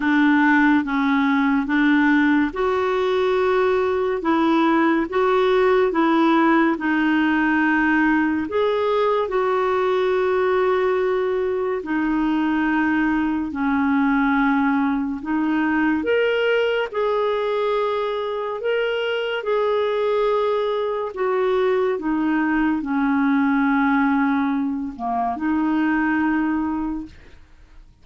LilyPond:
\new Staff \with { instrumentName = "clarinet" } { \time 4/4 \tempo 4 = 71 d'4 cis'4 d'4 fis'4~ | fis'4 e'4 fis'4 e'4 | dis'2 gis'4 fis'4~ | fis'2 dis'2 |
cis'2 dis'4 ais'4 | gis'2 ais'4 gis'4~ | gis'4 fis'4 dis'4 cis'4~ | cis'4. ais8 dis'2 | }